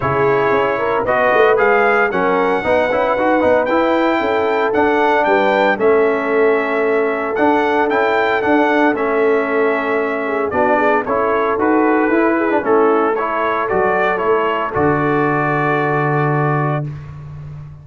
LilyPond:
<<
  \new Staff \with { instrumentName = "trumpet" } { \time 4/4 \tempo 4 = 114 cis''2 dis''4 f''4 | fis''2. g''4~ | g''4 fis''4 g''4 e''4~ | e''2 fis''4 g''4 |
fis''4 e''2. | d''4 cis''4 b'2 | a'4 cis''4 d''4 cis''4 | d''1 | }
  \new Staff \with { instrumentName = "horn" } { \time 4/4 gis'4. ais'8 b'2 | ais'4 b'2. | a'2 b'4 a'4~ | a'1~ |
a'2.~ a'8 gis'8 | fis'8 gis'8 a'2~ a'8 gis'8 | e'4 a'2.~ | a'1 | }
  \new Staff \with { instrumentName = "trombone" } { \time 4/4 e'2 fis'4 gis'4 | cis'4 dis'8 e'8 fis'8 dis'8 e'4~ | e'4 d'2 cis'4~ | cis'2 d'4 e'4 |
d'4 cis'2. | d'4 e'4 fis'4 e'8. d'16 | cis'4 e'4 fis'4 e'4 | fis'1 | }
  \new Staff \with { instrumentName = "tuba" } { \time 4/4 cis4 cis'4 b8 a8 gis4 | fis4 b8 cis'8 dis'8 b8 e'4 | cis'4 d'4 g4 a4~ | a2 d'4 cis'4 |
d'4 a2. | b4 cis'4 dis'4 e'4 | a2 fis4 a4 | d1 | }
>>